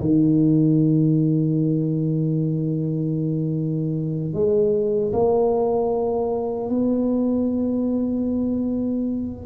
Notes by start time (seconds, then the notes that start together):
0.00 D#3
4.33 G#3
5.13 A#3
6.69 B3